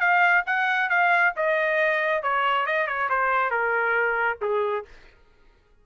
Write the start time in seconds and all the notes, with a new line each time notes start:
0.00 F5
0.46 F#5
0.90 F5
1.36 D#5
2.23 C#5
2.66 D#5
2.87 C#5
3.09 C5
3.51 A#4
4.41 G#4